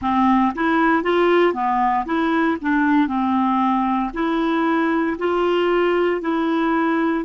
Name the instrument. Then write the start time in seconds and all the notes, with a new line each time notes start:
clarinet
0.01 C4
0.55 E4
1.03 F4
1.53 B3
2.05 E4
2.61 D4
3.08 C4
4.13 E4
5.18 F4
6.21 E4